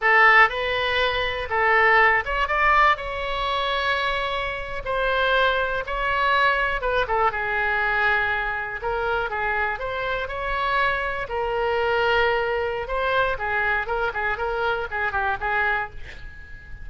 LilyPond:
\new Staff \with { instrumentName = "oboe" } { \time 4/4 \tempo 4 = 121 a'4 b'2 a'4~ | a'8 cis''8 d''4 cis''2~ | cis''4.~ cis''16 c''2 cis''16~ | cis''4.~ cis''16 b'8 a'8 gis'4~ gis'16~ |
gis'4.~ gis'16 ais'4 gis'4 c''16~ | c''8. cis''2 ais'4~ ais'16~ | ais'2 c''4 gis'4 | ais'8 gis'8 ais'4 gis'8 g'8 gis'4 | }